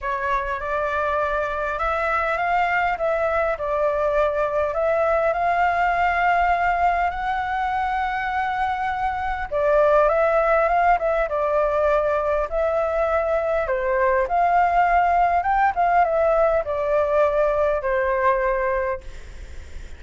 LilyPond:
\new Staff \with { instrumentName = "flute" } { \time 4/4 \tempo 4 = 101 cis''4 d''2 e''4 | f''4 e''4 d''2 | e''4 f''2. | fis''1 |
d''4 e''4 f''8 e''8 d''4~ | d''4 e''2 c''4 | f''2 g''8 f''8 e''4 | d''2 c''2 | }